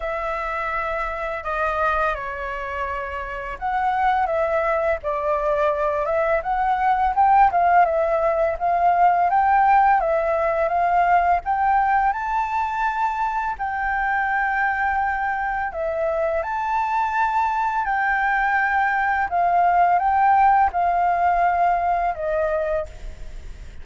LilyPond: \new Staff \with { instrumentName = "flute" } { \time 4/4 \tempo 4 = 84 e''2 dis''4 cis''4~ | cis''4 fis''4 e''4 d''4~ | d''8 e''8 fis''4 g''8 f''8 e''4 | f''4 g''4 e''4 f''4 |
g''4 a''2 g''4~ | g''2 e''4 a''4~ | a''4 g''2 f''4 | g''4 f''2 dis''4 | }